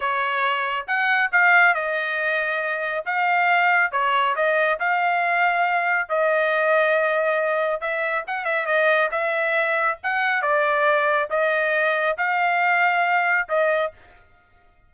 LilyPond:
\new Staff \with { instrumentName = "trumpet" } { \time 4/4 \tempo 4 = 138 cis''2 fis''4 f''4 | dis''2. f''4~ | f''4 cis''4 dis''4 f''4~ | f''2 dis''2~ |
dis''2 e''4 fis''8 e''8 | dis''4 e''2 fis''4 | d''2 dis''2 | f''2. dis''4 | }